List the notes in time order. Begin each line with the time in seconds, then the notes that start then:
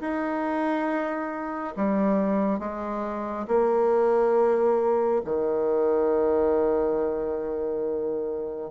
0.00 D#4
1.76 G3
2.59 G#3
3.47 A#3
5.25 D#3